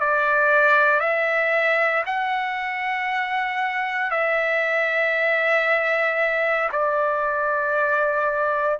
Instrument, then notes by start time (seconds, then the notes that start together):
trumpet
0.00 D5
1.00 E5
2.06 F#5
4.11 E5
6.72 D5